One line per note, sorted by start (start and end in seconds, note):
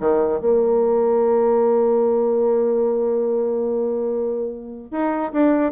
0.00 0.40 D#3
0.40 4.91 A#3
4.91 5.32 D#4
5.32 5.72 D4